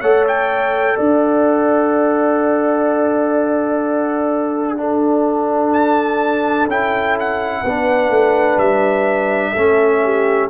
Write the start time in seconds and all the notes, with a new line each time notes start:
0.00 A3 A4 C#5 F#5
0.27 G5
0.96 D4 D5 F#5
4.77 D4 A4
5.73 A5
6.66 C#4 E4 G5
7.19 F#5
7.62 B3 D4 B4
8.09 A3
8.57 G3 E5
9.52 A3 C#4 A4
10.03 G4